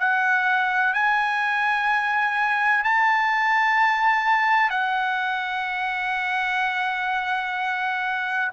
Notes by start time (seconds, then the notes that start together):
0.00 F#5
0.94 G#5
2.84 A5
4.71 F#5